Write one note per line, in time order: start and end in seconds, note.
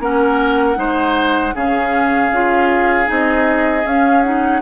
0.00 0.77 A#3
0.00 0.75 C#4
0.00 0.78 A#4
0.00 1.56 F#5
0.75 1.54 G#3
0.75 1.52 D#4
0.75 1.55 C5
1.55 2.31 C#3
1.55 2.32 C#4
1.55 4.62 G#4
1.55 3.10 F5
2.31 3.08 C#4
2.31 3.06 F4
3.06 3.85 C4
3.06 3.83 D#4
3.06 3.87 D#5
3.85 4.62 C#4
3.85 4.24 C#4
3.85 4.22 F5
4.22 4.62 D#4
4.22 4.61 F#5